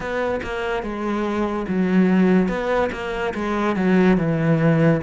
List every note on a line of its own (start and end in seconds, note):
0.00 0.40 B3
0.43 0.82 A#3
0.82 1.66 G#3
1.67 2.48 F#3
2.48 2.89 B3
2.92 3.33 A#3
3.34 3.76 G#3
3.76 4.17 F#3
4.17 5.00 E3